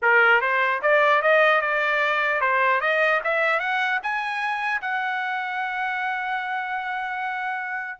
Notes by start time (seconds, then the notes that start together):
0.01 A#4
0.41 C5
0.82 D5
1.21 D#5
1.61 D5
2.40 C5
2.80 D#5
3.23 E5
3.59 F#5
4.02 G#5
4.81 F#5